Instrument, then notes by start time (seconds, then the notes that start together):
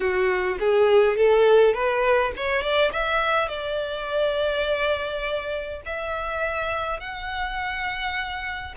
violin
0.00 F#4
0.59 G#4
1.16 A4
1.73 B4
2.36 C#5
2.62 D5
2.92 E5
3.48 D5
5.85 E5
7.00 F#5